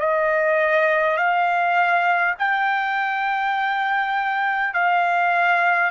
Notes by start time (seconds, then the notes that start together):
0.00 D#5
1.17 F5
2.39 G5
4.74 F5